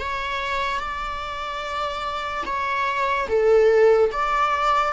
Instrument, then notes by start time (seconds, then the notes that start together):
viola
0.00 C#5
0.80 D5
2.46 C#5
3.29 A4
4.12 D5